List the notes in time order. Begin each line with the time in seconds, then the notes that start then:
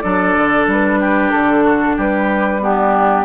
0.00 F#3 D4 A4 D5
0.37 D3
0.67 G3 B4
1.00 G4
1.30 D3 A4
1.64 F#4
1.96 G3 G4 B4
2.61 B3 D4 G4